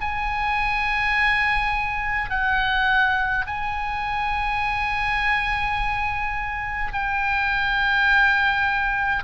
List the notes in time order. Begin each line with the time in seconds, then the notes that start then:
0.00 G#5
2.30 F#5
3.46 G#5
6.92 G5